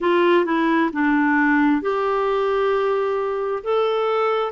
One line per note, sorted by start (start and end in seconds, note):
0.00 0.45 F4
0.45 0.90 E4
0.93 1.81 D4
1.81 3.63 G4
3.63 4.52 A4